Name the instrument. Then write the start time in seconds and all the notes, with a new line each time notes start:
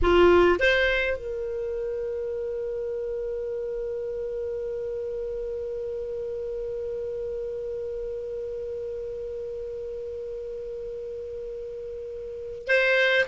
clarinet
0.02 F4
0.59 C5
1.16 A#4
12.67 C5